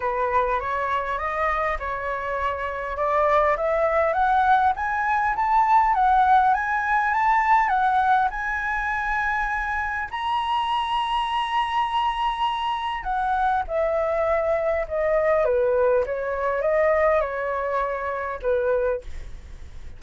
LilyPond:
\new Staff \with { instrumentName = "flute" } { \time 4/4 \tempo 4 = 101 b'4 cis''4 dis''4 cis''4~ | cis''4 d''4 e''4 fis''4 | gis''4 a''4 fis''4 gis''4 | a''4 fis''4 gis''2~ |
gis''4 ais''2.~ | ais''2 fis''4 e''4~ | e''4 dis''4 b'4 cis''4 | dis''4 cis''2 b'4 | }